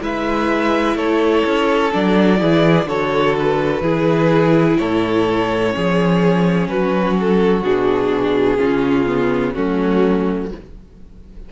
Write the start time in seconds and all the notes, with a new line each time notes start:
0.00 G#3 E4 B4 E5
0.95 A3 A4 C#5
1.46 C#4
1.92 F#3 D4 D5
2.37 E3 E4 G#4
2.85 D3 F#4 A4 C#5
3.38 B4
3.81 E3 E4 G#4
4.77 A2 A4 C#5
5.71 F3 C#4 G#4
6.67 F#3 F#4 B4
7.20 A4
7.62 B2 D4 G#4
8.57 C#3 C#4 F4
9.06 B3
9.52 F#3 A3 C#4 F#4